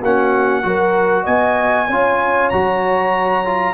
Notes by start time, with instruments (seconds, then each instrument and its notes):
0.00 tuba A#3, trombone C#4, horn F#4, trumpet F#5
0.63 tuba F#3, trombone F#4, horn A#4
1.23 tuba B3, horn D#5, trumpet G#5
1.87 tuba C#4, trombone F4, horn C#5
2.49 tuba F#3, trombone F#4, trumpet A#5
3.44 trombone F4